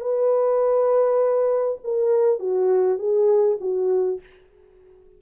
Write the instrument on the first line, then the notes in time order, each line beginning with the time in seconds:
horn
0.00 B4
1.83 A#4
2.39 F#4
2.98 G#4
3.60 F#4